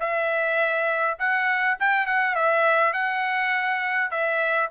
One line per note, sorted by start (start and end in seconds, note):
0.00 1.18 E5
1.19 1.78 F#5
1.80 2.06 G5
2.06 2.35 F#5
2.35 2.93 E5
2.93 4.11 F#5
4.11 4.70 E5